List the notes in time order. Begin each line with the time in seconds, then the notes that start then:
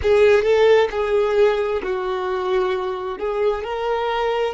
0.02 G#4
0.43 A4
0.90 G#4
1.83 F#4
3.18 G#4
3.63 A#4